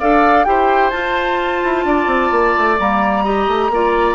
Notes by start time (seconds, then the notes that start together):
0.00 D4 A4 D5 F5
0.45 E4 G4 C5 G5
0.91 F4 A5
1.64 E4
1.85 D4 D5
2.07 C4
2.32 A#3
2.58 A3
2.80 G3 A#3 A#5
3.24 G4 D#5
3.48 A3
3.70 A#3 F4 D5